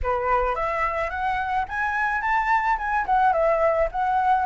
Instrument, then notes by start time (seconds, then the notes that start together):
flute
0.03 B4
0.55 E5
1.10 F#5
1.68 G#5
2.21 A5
2.78 G#5
3.06 F#5
3.32 E5
3.91 F#5